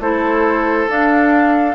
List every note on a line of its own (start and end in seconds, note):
0.00 0.87 A3
0.00 0.88 E4
0.00 1.76 A4
0.00 0.89 C5
0.89 1.76 D4
0.89 1.76 F5